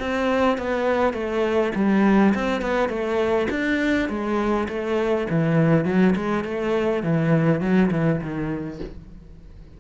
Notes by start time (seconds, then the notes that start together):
0.00 C4
0.58 B3
1.14 A3
1.75 G3
2.35 C4
2.62 B3
2.89 A3
3.50 D4
4.09 G#3
4.69 A3
5.30 E3
5.85 F#3
6.16 G#3
6.44 A3
7.03 E3
7.61 F#3
7.91 E3
8.21 D#3